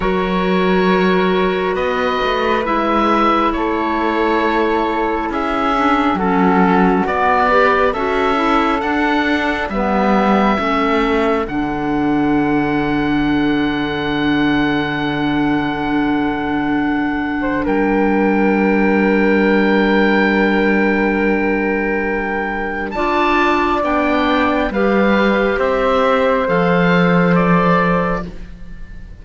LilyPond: <<
  \new Staff \with { instrumentName = "oboe" } { \time 4/4 \tempo 4 = 68 cis''2 dis''4 e''4 | cis''2 e''4 a'4 | d''4 e''4 fis''4 e''4~ | e''4 fis''2.~ |
fis''1 | g''1~ | g''2 a''4 g''4 | f''4 e''4 f''4 d''4 | }
  \new Staff \with { instrumentName = "flute" } { \time 4/4 ais'2 b'2 | a'2 gis'4 fis'4~ | fis'8 b'8 a'2 b'4 | a'1~ |
a'2.~ a'8. c''16 | ais'1~ | ais'2 d''2 | b'4 c''2. | }
  \new Staff \with { instrumentName = "clarinet" } { \time 4/4 fis'2. e'4~ | e'2~ e'8 d'8 cis'4 | b8 g'8 fis'8 e'8 d'4 b4 | cis'4 d'2.~ |
d'1~ | d'1~ | d'2 f'4 d'4 | g'2 a'2 | }
  \new Staff \with { instrumentName = "cello" } { \time 4/4 fis2 b8 a8 gis4 | a2 cis'4 fis4 | b4 cis'4 d'4 g4 | a4 d2.~ |
d1 | g1~ | g2 d'4 b4 | g4 c'4 f2 | }
>>